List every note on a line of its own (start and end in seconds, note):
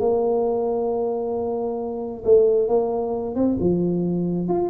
0.00 2.24 A#3
2.25 2.68 A3
2.68 3.36 A#3
3.36 3.58 C4
3.60 4.49 F3
4.49 4.70 F4